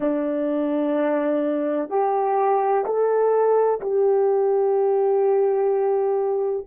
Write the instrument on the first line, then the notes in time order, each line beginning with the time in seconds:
horn
0.00 D4
1.89 G4
2.85 A4
3.81 G4